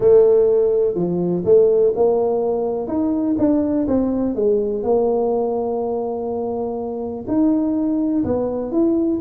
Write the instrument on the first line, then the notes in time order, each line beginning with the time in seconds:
tuba
0.00 A3
0.95 F3
1.44 A3
1.95 A#3
2.87 D#4
3.38 D4
3.87 C4
4.35 G#3
4.83 A#3
7.27 D#4
8.24 B3
8.71 E4